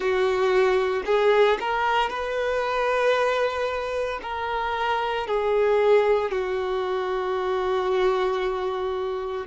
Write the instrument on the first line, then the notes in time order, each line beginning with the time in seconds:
violin
0.00 F#4
1.05 G#4
1.59 A#4
2.09 B4
4.22 A#4
5.27 G#4
6.31 F#4